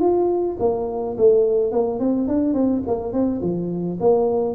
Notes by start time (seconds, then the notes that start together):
0.00 F4
0.60 A#3
1.17 A3
1.72 A#3
1.99 C4
2.28 D4
2.54 C4
2.87 A#3
3.12 C4
3.41 F3
4.00 A#3